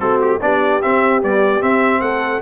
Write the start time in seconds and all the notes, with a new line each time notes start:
0.00 A3 C4 F#4 A4
0.21 G4
0.42 B3 D4 G4 D5
0.82 C4 E5
1.23 G3 B3 D5
1.61 C4 E5
2.01 A3 A4 F#5